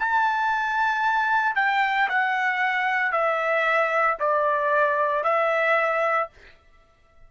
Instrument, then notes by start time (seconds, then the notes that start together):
trumpet
0.00 A5
1.56 G5
2.09 F#5
3.12 E5
4.20 D5
5.24 E5